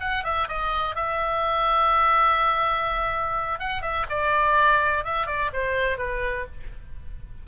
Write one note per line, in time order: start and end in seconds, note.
0.00 0.24 F#5
0.24 0.48 E5
0.48 0.95 D#5
0.95 3.59 E5
3.59 3.82 F#5
3.82 4.06 E5
4.09 5.04 D5
5.04 5.26 E5
5.26 5.50 D5
5.53 5.98 C5
5.98 6.46 B4